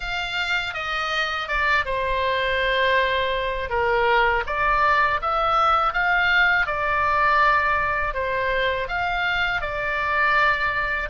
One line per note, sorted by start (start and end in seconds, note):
0.00 0.74 F5
0.74 1.47 D#5
1.47 1.85 D5
1.85 3.69 C5
3.69 4.43 A#4
4.46 5.20 D5
5.21 5.93 E5
5.93 6.66 F5
6.66 8.13 D5
8.13 8.88 C5
8.88 9.61 F5
9.61 11.09 D5